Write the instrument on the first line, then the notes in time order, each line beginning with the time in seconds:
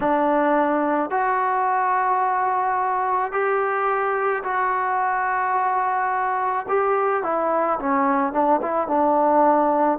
trombone
0.00 D4
1.10 F#4
3.31 G4
4.43 F#4
6.68 G4
7.23 E4
7.79 C#4
8.32 D4
8.61 E4
8.87 D4